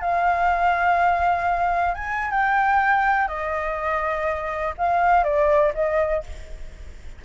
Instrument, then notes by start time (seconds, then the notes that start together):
flute
0.00 F5
1.94 G#5
2.31 G5
3.27 D#5
4.77 F5
5.24 D5
5.74 D#5